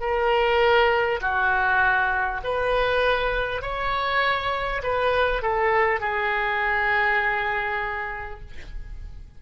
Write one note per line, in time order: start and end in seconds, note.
0.00 1.20 A#4
1.21 2.41 F#4
2.43 3.62 B4
3.62 4.82 C#5
4.83 5.42 B4
5.42 6.00 A4
6.00 8.40 G#4